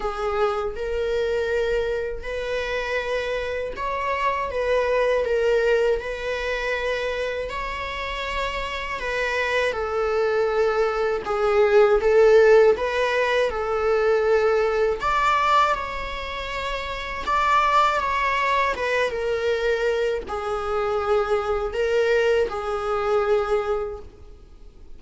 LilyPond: \new Staff \with { instrumentName = "viola" } { \time 4/4 \tempo 4 = 80 gis'4 ais'2 b'4~ | b'4 cis''4 b'4 ais'4 | b'2 cis''2 | b'4 a'2 gis'4 |
a'4 b'4 a'2 | d''4 cis''2 d''4 | cis''4 b'8 ais'4. gis'4~ | gis'4 ais'4 gis'2 | }